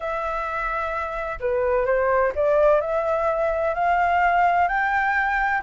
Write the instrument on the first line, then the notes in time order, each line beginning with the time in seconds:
flute
0.00 E5
1.40 B4
1.85 C5
2.35 D5
2.81 E5
3.74 F5
4.67 G5